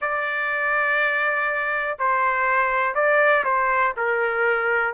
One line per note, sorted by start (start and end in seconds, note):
0.00 1.97 D5
1.99 2.95 C5
2.95 3.44 D5
3.44 3.93 C5
3.97 4.93 A#4